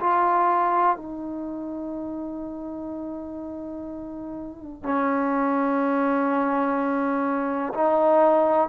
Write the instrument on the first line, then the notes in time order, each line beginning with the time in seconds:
trombone
0.00 F4
0.96 D#4
4.83 C#4
7.74 D#4